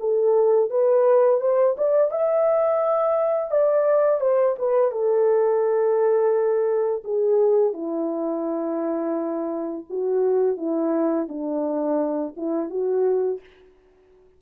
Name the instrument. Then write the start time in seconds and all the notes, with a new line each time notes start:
horn
0.00 A4
0.70 B4
1.41 C5
1.77 D5
2.11 E5
3.51 D5
4.21 C5
4.59 B4
4.91 A4
7.04 G#4
7.73 E4
9.90 F#4
10.57 E4
11.28 D4
12.37 E4
12.70 F#4